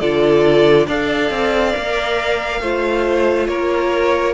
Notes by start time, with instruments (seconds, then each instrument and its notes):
0.00 cello D3, viola F4, violin A4 D5
0.87 cello D4, viola A4, violin D5 F5
1.30 cello C4
1.75 cello A#3, viola A#4
2.61 cello A3, viola F4, violin C5
3.48 cello A#3, violin A#4 C#5